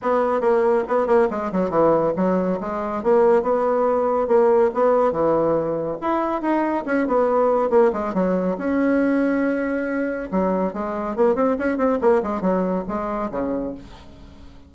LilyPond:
\new Staff \with { instrumentName = "bassoon" } { \time 4/4 \tempo 4 = 140 b4 ais4 b8 ais8 gis8 fis8 | e4 fis4 gis4 ais4 | b2 ais4 b4 | e2 e'4 dis'4 |
cis'8 b4. ais8 gis8 fis4 | cis'1 | fis4 gis4 ais8 c'8 cis'8 c'8 | ais8 gis8 fis4 gis4 cis4 | }